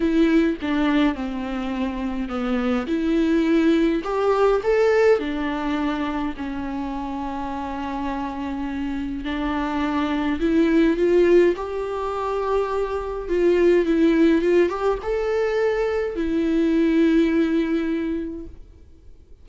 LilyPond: \new Staff \with { instrumentName = "viola" } { \time 4/4 \tempo 4 = 104 e'4 d'4 c'2 | b4 e'2 g'4 | a'4 d'2 cis'4~ | cis'1 |
d'2 e'4 f'4 | g'2. f'4 | e'4 f'8 g'8 a'2 | e'1 | }